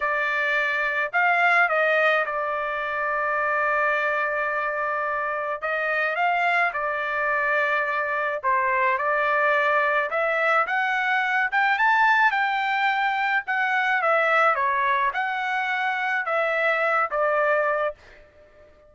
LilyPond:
\new Staff \with { instrumentName = "trumpet" } { \time 4/4 \tempo 4 = 107 d''2 f''4 dis''4 | d''1~ | d''2 dis''4 f''4 | d''2. c''4 |
d''2 e''4 fis''4~ | fis''8 g''8 a''4 g''2 | fis''4 e''4 cis''4 fis''4~ | fis''4 e''4. d''4. | }